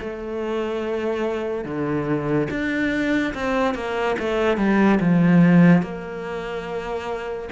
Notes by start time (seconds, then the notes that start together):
0.00 A3
1.65 D3
2.50 D4
3.34 C4
3.75 A#3
4.19 A3
4.58 G3
5.00 F3
5.82 A#3